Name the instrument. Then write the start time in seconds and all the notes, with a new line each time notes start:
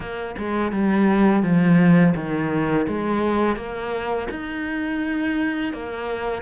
cello
0.00 A#3
0.37 G#3
0.71 G3
1.42 F3
2.15 D#3
2.87 G#3
3.56 A#3
4.30 D#4
5.73 A#3